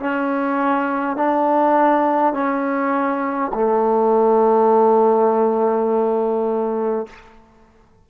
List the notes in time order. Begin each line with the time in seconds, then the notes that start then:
0.00 C#4
1.17 D4
2.34 C#4
3.54 A3